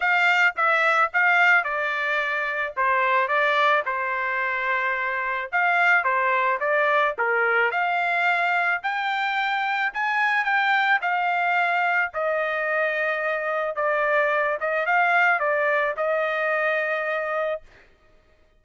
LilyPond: \new Staff \with { instrumentName = "trumpet" } { \time 4/4 \tempo 4 = 109 f''4 e''4 f''4 d''4~ | d''4 c''4 d''4 c''4~ | c''2 f''4 c''4 | d''4 ais'4 f''2 |
g''2 gis''4 g''4 | f''2 dis''2~ | dis''4 d''4. dis''8 f''4 | d''4 dis''2. | }